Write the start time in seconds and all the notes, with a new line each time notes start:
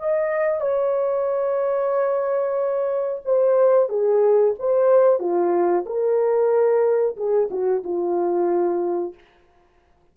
0.00 D#5
0.61 C#5
3.25 C5
3.89 G#4
4.59 C5
5.20 F4
5.86 A#4
7.17 G#4
7.51 F#4
7.84 F4